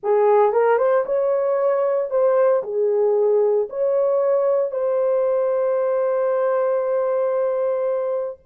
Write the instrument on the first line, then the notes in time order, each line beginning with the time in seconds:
horn
0.03 G#4
0.52 A#4
0.78 C5
1.05 C#5
2.10 C5
2.63 G#4
3.69 C#5
4.71 C5